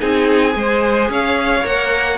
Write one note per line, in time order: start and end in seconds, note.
0.00 0.56 C4
0.00 0.51 D#4
0.00 0.55 G#4
0.00 1.11 G#5
0.51 1.09 G#3
0.51 1.61 G#4
0.58 1.10 C5
1.09 1.64 C#4
1.09 2.18 C#5
1.09 1.66 F5
1.64 2.18 A#3
1.64 2.18 A#4
1.64 2.18 F#5